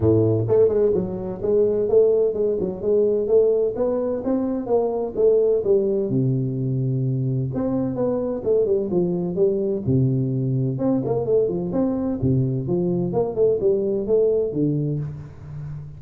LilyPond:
\new Staff \with { instrumentName = "tuba" } { \time 4/4 \tempo 4 = 128 a,4 a8 gis8 fis4 gis4 | a4 gis8 fis8 gis4 a4 | b4 c'4 ais4 a4 | g4 c2. |
c'4 b4 a8 g8 f4 | g4 c2 c'8 ais8 | a8 f8 c'4 c4 f4 | ais8 a8 g4 a4 d4 | }